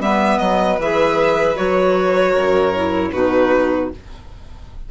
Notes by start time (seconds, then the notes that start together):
0.00 G3 B3 B4 E5
0.38 F#3 D#5
0.79 E3 G#4 E5
1.56 F#3 F#4 C#5
2.32 F#2 A#4
2.76 E4
3.12 B2 D#4 F#4 B4